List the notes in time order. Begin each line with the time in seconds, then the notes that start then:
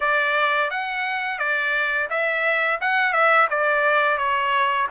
0.00 D5
0.70 F#5
1.38 D5
2.09 E5
2.81 F#5
3.12 E5
3.50 D5
4.17 C#5